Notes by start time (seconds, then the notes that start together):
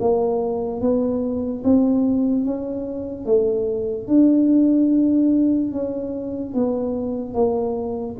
0.00 A#3
0.81 B3
1.64 C4
2.45 C#4
3.26 A3
4.08 D4
5.72 C#4
6.54 B3
7.34 A#3